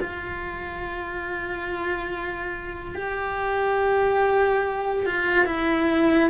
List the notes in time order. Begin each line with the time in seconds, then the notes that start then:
0.00 F4
2.94 G4
5.06 F4
5.45 E4